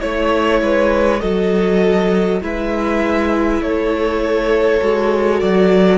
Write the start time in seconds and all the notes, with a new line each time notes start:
0.00 A3 E4 C#5
0.62 G#3 B4
1.21 F#3 F#4 A4 D#5
2.42 G#3 E4 B4 E5
3.62 A3 A4 C#5
4.82 G#3 F#4
5.41 F#3 D5